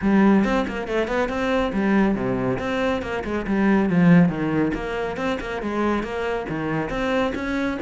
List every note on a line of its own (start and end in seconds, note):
0.01 0.44 G3
0.44 0.66 C4
0.67 0.87 A#3
0.87 1.07 A3
1.07 1.29 B3
1.29 1.72 C4
1.72 2.15 G3
2.15 2.58 C3
2.59 3.02 C4
3.02 3.23 A#3
3.24 3.46 G#3
3.46 3.89 G3
3.89 4.28 F3
4.28 4.71 D#3
4.74 5.16 A#3
5.16 5.38 C4
5.40 5.61 A#3
5.61 6.03 G#3
6.03 6.46 A#3
6.49 6.89 D#3
6.89 7.33 C4
7.34 7.78 C#4